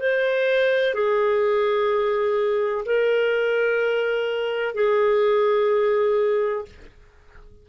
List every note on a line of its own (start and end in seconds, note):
0.00 0.94 C5
0.94 2.84 G#4
2.85 4.74 A#4
4.74 6.65 G#4